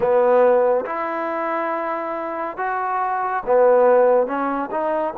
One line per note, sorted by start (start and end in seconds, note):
0.00 0.85 B3
0.85 2.57 E4
2.57 3.43 F#4
3.46 4.26 B3
4.26 4.69 C#4
4.71 5.14 D#4